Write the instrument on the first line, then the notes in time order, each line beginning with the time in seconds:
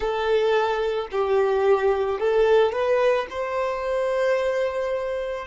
violin
0.00 A4
1.11 G4
2.19 A4
2.72 B4
3.30 C5